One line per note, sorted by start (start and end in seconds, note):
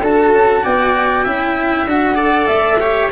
0.00 0.32 D4
0.00 1.26 F#4
0.00 0.62 A4
0.00 0.64 A5
0.32 0.63 C#4
0.63 1.26 B3
0.63 1.24 D5
0.63 1.87 G5
1.24 1.86 C#4
1.24 1.87 E4
1.24 2.15 E5
1.86 2.47 D4
1.86 2.14 F#4
1.86 2.47 F#5
2.14 2.76 A4
2.14 2.77 D5
2.47 3.10 A3
2.47 3.09 E5
2.80 3.11 G4
2.80 3.11 C#5